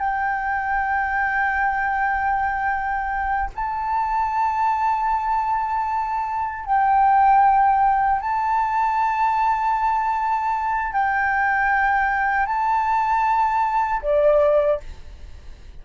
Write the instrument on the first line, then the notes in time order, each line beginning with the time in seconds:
flute
0.00 G5
3.56 A5
6.66 G5
8.21 A5
10.93 G5
12.46 A5
14.03 D5